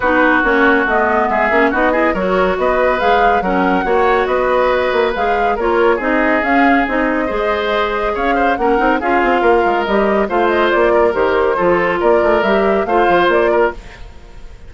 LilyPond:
<<
  \new Staff \with { instrumentName = "flute" } { \time 4/4 \tempo 4 = 140 b'4 cis''4 dis''4 e''4 | dis''4 cis''4 dis''4 f''4 | fis''2 dis''2 | f''4 cis''4 dis''4 f''4 |
dis''2. f''4 | fis''4 f''2 dis''4 | f''8 dis''8 d''4 c''2 | d''4 e''4 f''4 d''4 | }
  \new Staff \with { instrumentName = "oboe" } { \time 4/4 fis'2. gis'4 | fis'8 gis'8 ais'4 b'2 | ais'4 cis''4 b'2~ | b'4 ais'4 gis'2~ |
gis'4 c''2 cis''8 c''8 | ais'4 gis'4 ais'2 | c''4. ais'4. a'4 | ais'2 c''4. ais'8 | }
  \new Staff \with { instrumentName = "clarinet" } { \time 4/4 dis'4 cis'4 b4. cis'8 | dis'8 e'8 fis'2 gis'4 | cis'4 fis'2. | gis'4 f'4 dis'4 cis'4 |
dis'4 gis'2. | cis'8 dis'8 f'2 g'4 | f'2 g'4 f'4~ | f'4 g'4 f'2 | }
  \new Staff \with { instrumentName = "bassoon" } { \time 4/4 b4 ais4 a4 gis8 ais8 | b4 fis4 b4 gis4 | fis4 ais4 b4. ais8 | gis4 ais4 c'4 cis'4 |
c'4 gis2 cis'4 | ais8 c'8 cis'8 c'8 ais8 gis8 g4 | a4 ais4 dis4 f4 | ais8 a8 g4 a8 f8 ais4 | }
>>